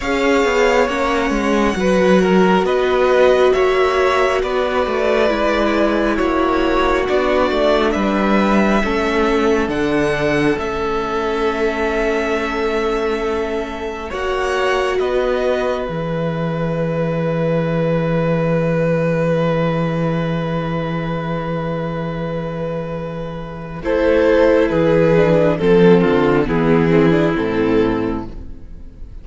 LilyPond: <<
  \new Staff \with { instrumentName = "violin" } { \time 4/4 \tempo 4 = 68 f''4 fis''2 dis''4 | e''4 d''2 cis''4 | d''4 e''2 fis''4 | e''1 |
fis''4 dis''4 e''2~ | e''1~ | e''2. c''4 | b'4 a'4 gis'4 a'4 | }
  \new Staff \with { instrumentName = "violin" } { \time 4/4 cis''2 b'8 ais'8 b'4 | cis''4 b'2 fis'4~ | fis'4 b'4 a'2~ | a'1 |
cis''4 b'2.~ | b'1~ | b'2. a'4 | gis'4 a'8 f'8 e'2 | }
  \new Staff \with { instrumentName = "viola" } { \time 4/4 gis'4 cis'4 fis'2~ | fis'2 e'2 | d'2 cis'4 d'4 | cis'1 |
fis'2 gis'2~ | gis'1~ | gis'2. e'4~ | e'8 d'8 c'4 b8 c'16 d'16 c'4 | }
  \new Staff \with { instrumentName = "cello" } { \time 4/4 cis'8 b8 ais8 gis8 fis4 b4 | ais4 b8 a8 gis4 ais4 | b8 a8 g4 a4 d4 | a1 |
ais4 b4 e2~ | e1~ | e2. a4 | e4 f8 d8 e4 a,4 | }
>>